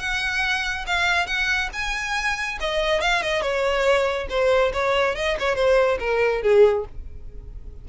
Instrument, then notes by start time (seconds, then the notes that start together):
violin
0.00 F#5
0.87 F5
1.27 F#5
1.73 G#5
2.61 D#5
3.02 F5
3.23 D#5
3.42 C#5
4.30 C5
4.73 C#5
5.16 D#5
5.40 C#5
5.56 C5
6.00 A#4
6.42 G#4